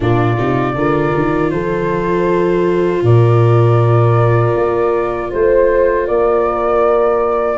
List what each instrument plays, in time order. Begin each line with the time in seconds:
0.00 tuba A#2, viola D4, horn F4, flute D5
0.38 tuba C3, viola D#4
0.75 tuba D3, viola F4, horn A#4
1.15 tuba D#3
1.50 tuba F3, horn A4, flute C5
3.02 tuba A#2, horn A#4, flute D5
4.56 tuba A#3
5.30 tuba A3, horn C5, flute C5
6.06 tuba A#3, horn A#4, flute D5